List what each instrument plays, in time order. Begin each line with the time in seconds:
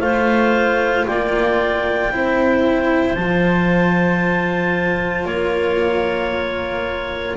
0.00 double bass A3, cello F4, clarinet C5 F5
1.07 double bass A#3, clarinet D5 G5
2.11 double bass C4, cello E4, clarinet C5
3.15 double bass F3, cello F4, clarinet A5
5.25 double bass A#3, clarinet A#4 C#5